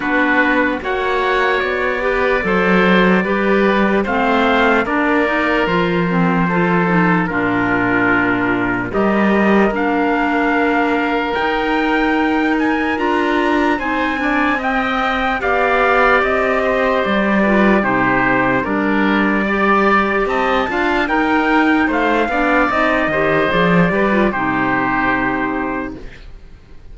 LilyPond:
<<
  \new Staff \with { instrumentName = "trumpet" } { \time 4/4 \tempo 4 = 74 b'4 fis''4 d''2~ | d''4 f''4 d''4 c''4~ | c''4 ais'2 dis''4 | f''2 g''4. gis''8 |
ais''4 gis''4 g''4 f''4 | dis''4 d''4 c''4 d''4~ | d''4 a''4 g''4 f''4 | dis''4 d''4 c''2 | }
  \new Staff \with { instrumentName = "oboe" } { \time 4/4 fis'4 cis''4. b'8 c''4 | b'4 c''4 ais'2 | a'4 f'2 ais'4~ | ais'1~ |
ais'4 c''8 d''8 dis''4 d''4~ | d''8 c''4 b'8 g'4 ais'4 | d''4 dis''8 f''8 ais'4 c''8 d''8~ | d''8 c''4 b'8 g'2 | }
  \new Staff \with { instrumentName = "clarinet" } { \time 4/4 d'4 fis'4. g'8 a'4 | g'4 c'4 d'8 dis'8 f'8 c'8 | f'8 dis'8 d'2 g'4 | d'2 dis'2 |
f'4 dis'8 d'8 c'4 g'4~ | g'4. f'8 dis'4 d'4 | g'4. f'8 dis'4. d'8 | dis'8 g'8 gis'8 g'16 f'16 dis'2 | }
  \new Staff \with { instrumentName = "cello" } { \time 4/4 b4 ais4 b4 fis4 | g4 a4 ais4 f4~ | f4 ais,2 g4 | ais2 dis'2 |
d'4 c'2 b4 | c'4 g4 c4 g4~ | g4 c'8 d'8 dis'4 a8 b8 | c'8 dis8 f8 g8 c2 | }
>>